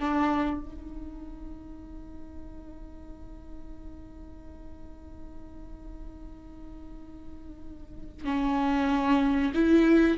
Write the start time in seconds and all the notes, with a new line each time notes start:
0.00 D4
0.61 D#4
8.25 C#4
9.54 E4